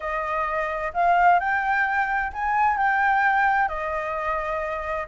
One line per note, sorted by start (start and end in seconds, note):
0.00 0.92 D#5
0.93 1.39 F5
1.39 2.31 G5
2.32 2.77 G#5
2.77 3.68 G5
3.68 5.07 D#5